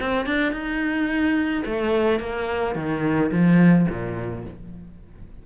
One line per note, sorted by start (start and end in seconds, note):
0.00 0.26 C4
0.26 0.52 D4
0.52 1.63 D#4
1.66 2.20 A3
2.20 2.75 A#3
2.75 3.31 D#3
3.31 3.87 F3
3.89 4.45 A#2